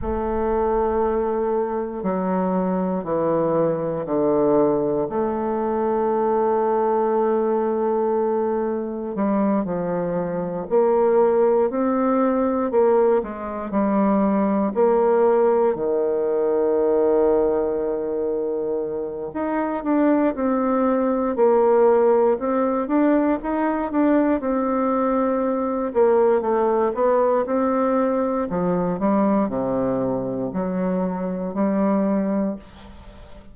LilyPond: \new Staff \with { instrumentName = "bassoon" } { \time 4/4 \tempo 4 = 59 a2 fis4 e4 | d4 a2.~ | a4 g8 f4 ais4 c'8~ | c'8 ais8 gis8 g4 ais4 dis8~ |
dis2. dis'8 d'8 | c'4 ais4 c'8 d'8 dis'8 d'8 | c'4. ais8 a8 b8 c'4 | f8 g8 c4 fis4 g4 | }